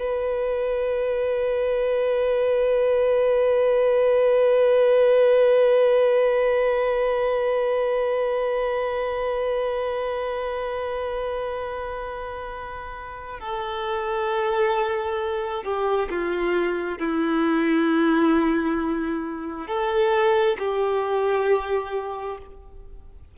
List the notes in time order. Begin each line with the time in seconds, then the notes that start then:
0.00 B4
13.40 A4
15.64 G4
16.10 F4
16.99 E4
19.68 A4
20.59 G4